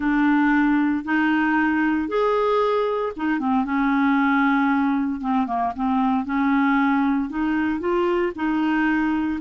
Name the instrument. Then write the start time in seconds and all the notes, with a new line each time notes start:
clarinet
0.00 D4
1.04 D#4
2.08 G#4
3.16 D#4
3.39 C4
3.65 C#4
5.21 C4
5.46 A#3
5.75 C4
6.25 C#4
7.29 D#4
7.80 F4
8.35 D#4